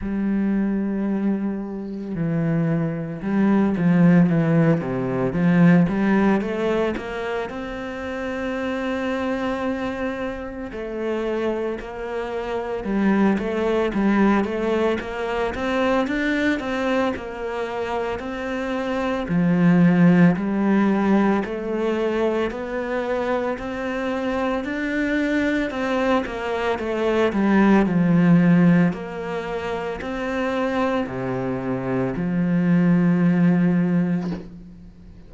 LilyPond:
\new Staff \with { instrumentName = "cello" } { \time 4/4 \tempo 4 = 56 g2 e4 g8 f8 | e8 c8 f8 g8 a8 ais8 c'4~ | c'2 a4 ais4 | g8 a8 g8 a8 ais8 c'8 d'8 c'8 |
ais4 c'4 f4 g4 | a4 b4 c'4 d'4 | c'8 ais8 a8 g8 f4 ais4 | c'4 c4 f2 | }